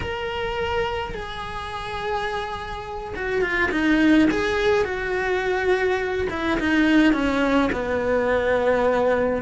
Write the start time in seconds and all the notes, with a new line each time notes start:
0.00 A#4
1.14 G#4
3.15 F#4
3.41 F4
3.71 D#4
4.30 G#4
4.84 F#4
6.30 E4
6.59 D#4
7.13 C#4
7.72 B3